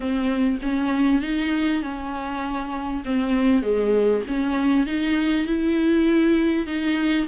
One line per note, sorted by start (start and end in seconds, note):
0.00 0.59 C4
0.61 1.21 C#4
1.21 1.82 D#4
1.82 3.03 C#4
3.04 3.62 C4
3.62 4.23 G#3
4.27 4.86 C#4
4.86 5.46 D#4
5.46 6.66 E4
6.66 7.26 D#4